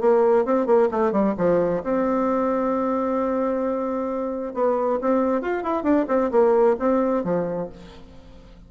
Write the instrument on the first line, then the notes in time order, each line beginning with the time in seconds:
bassoon
0.00 A#3
0.45 C4
0.66 A#3
0.91 A3
1.12 G3
1.37 F3
1.83 C4
4.54 B3
5.01 C4
5.41 F4
5.63 E4
5.83 D4
6.08 C4
6.31 A#3
6.79 C4
7.24 F3